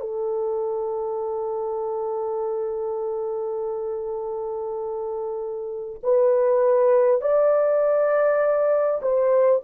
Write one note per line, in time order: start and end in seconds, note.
0.00 6.00 A4
6.03 7.21 B4
7.21 9.01 D5
9.02 9.62 C5